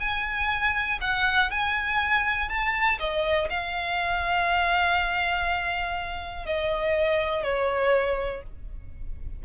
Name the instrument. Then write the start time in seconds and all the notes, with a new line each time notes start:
violin
0.00 G#5
1.01 F#5
1.51 G#5
2.49 A5
2.99 D#5
3.50 F5
6.46 D#5
7.43 C#5